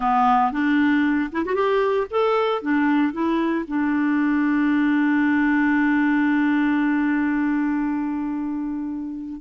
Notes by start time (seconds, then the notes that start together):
0.00 B3
0.52 D4
1.32 E4
1.45 F#4
1.55 G4
2.10 A4
2.62 D4
3.13 E4
3.67 D4